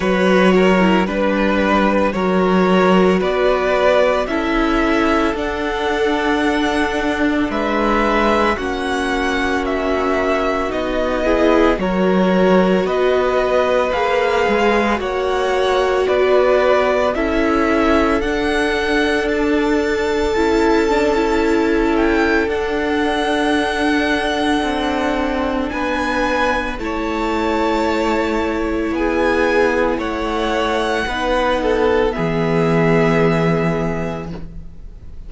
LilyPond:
<<
  \new Staff \with { instrumentName = "violin" } { \time 4/4 \tempo 4 = 56 cis''4 b'4 cis''4 d''4 | e''4 fis''2 e''4 | fis''4 e''4 dis''4 cis''4 | dis''4 f''4 fis''4 d''4 |
e''4 fis''4 a''2~ | a''8 g''8 fis''2. | gis''4 a''2 gis''4 | fis''2 e''2 | }
  \new Staff \with { instrumentName = "violin" } { \time 4/4 b'8 ais'8 b'4 ais'4 b'4 | a'2. b'4 | fis'2~ fis'8 gis'8 ais'4 | b'2 cis''4 b'4 |
a'1~ | a'1 | b'4 cis''2 gis'4 | cis''4 b'8 a'8 gis'2 | }
  \new Staff \with { instrumentName = "viola" } { \time 4/4 fis'8. e'16 d'4 fis'2 | e'4 d'2. | cis'2 dis'8 e'8 fis'4~ | fis'4 gis'4 fis'2 |
e'4 d'2 e'8 d'16 e'16~ | e'4 d'2.~ | d'4 e'2.~ | e'4 dis'4 b2 | }
  \new Staff \with { instrumentName = "cello" } { \time 4/4 fis4 g4 fis4 b4 | cis'4 d'2 gis4 | ais2 b4 fis4 | b4 ais8 gis8 ais4 b4 |
cis'4 d'2 cis'4~ | cis'4 d'2 c'4 | b4 a2 b4 | a4 b4 e2 | }
>>